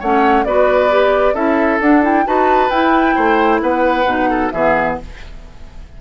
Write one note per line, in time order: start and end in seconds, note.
0.00 0.45 A3
0.00 0.47 C#4
0.00 0.45 C#5
0.00 0.45 F#5
0.45 1.34 B3
0.45 0.90 F#4
0.45 1.34 B4
0.45 1.35 D5
0.90 1.35 G4
1.34 1.79 C#4
1.34 1.81 E4
1.34 2.25 A4
1.34 1.80 E5
1.81 2.03 D4
1.81 2.26 D4
1.81 2.04 F#5
2.03 2.25 E4
2.03 2.27 G5
2.26 2.70 D#4
2.26 2.70 F#4
2.26 3.16 B4
2.26 2.70 A5
2.70 3.15 E4
2.70 4.06 E4
2.70 3.60 G5
3.16 3.62 A3
3.16 3.61 C5
3.62 4.05 B3
3.62 4.30 B4
3.62 4.51 F#5
4.05 4.50 B2
4.05 4.52 D#4
4.30 4.53 A4
4.51 4.99 E3
4.51 5.01 B3
4.51 4.99 G#4
4.51 4.96 E5